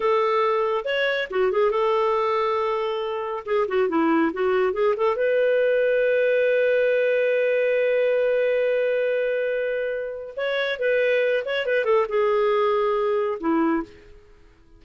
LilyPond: \new Staff \with { instrumentName = "clarinet" } { \time 4/4 \tempo 4 = 139 a'2 cis''4 fis'8 gis'8 | a'1 | gis'8 fis'8 e'4 fis'4 gis'8 a'8 | b'1~ |
b'1~ | b'1 | cis''4 b'4. cis''8 b'8 a'8 | gis'2. e'4 | }